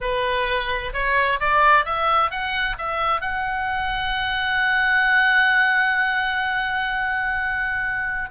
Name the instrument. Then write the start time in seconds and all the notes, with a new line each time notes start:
oboe
0.00 B4
0.93 C#5
1.40 D5
1.85 E5
2.30 F#5
2.78 E5
3.21 F#5